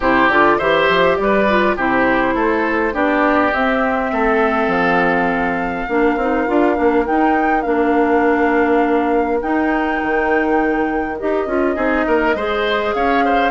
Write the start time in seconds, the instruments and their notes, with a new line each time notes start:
0.00 bassoon C3, clarinet E4, oboe G4, flute C5
0.29 bassoon D3, clarinet F4, flute D5
0.57 bassoon E3, clarinet G4, oboe C5, flute E5
0.89 bassoon F3
1.16 bassoon G3, flute D5
1.22 oboe B4
1.49 clarinet F4
1.76 bassoon C3, clarinet E4, oboe G4, flute C5
2.34 bassoon A3, oboe A4
2.92 bassoon B3, clarinet D4, oboe G4, flute D5
3.53 bassoon C4, clarinet C4, flute E5
4.12 bassoon A3, oboe A4
4.67 bassoon F3, flute F5
5.88 bassoon A#3, clarinet D4, oboe A#4
6.16 bassoon C4, clarinet D#4
6.47 bassoon D4, clarinet F4
6.75 bassoon A#3, clarinet D4
7.05 clarinet D#4, bassoon D#4, flute G5
7.61 bassoon A#3, clarinet D4, flute F5
9.41 clarinet D#4, bassoon D#4, flute G5
10.02 bassoon D#3
11.18 bassoon D#4, clarinet G4, flute D#5
11.46 bassoon C#4, clarinet F4
11.75 bassoon C4, clarinet D#4, oboe G#4
12.07 bassoon A#3, oboe A#4
12.34 bassoon G#3, clarinet G#4, oboe C5
12.93 bassoon C#4, oboe C#5, flute F5
13.24 oboe C5